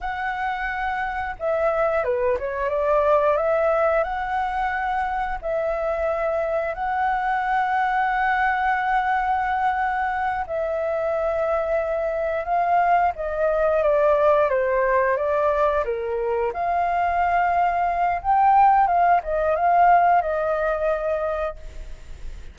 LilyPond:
\new Staff \with { instrumentName = "flute" } { \time 4/4 \tempo 4 = 89 fis''2 e''4 b'8 cis''8 | d''4 e''4 fis''2 | e''2 fis''2~ | fis''2.~ fis''8 e''8~ |
e''2~ e''8 f''4 dis''8~ | dis''8 d''4 c''4 d''4 ais'8~ | ais'8 f''2~ f''8 g''4 | f''8 dis''8 f''4 dis''2 | }